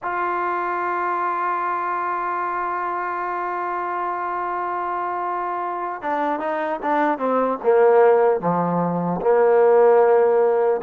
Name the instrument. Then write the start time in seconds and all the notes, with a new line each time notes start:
trombone
0.02 F4
6.01 D4
6.39 D#4
6.82 D4
7.18 C4
7.63 A#3
8.40 F3
9.21 A#3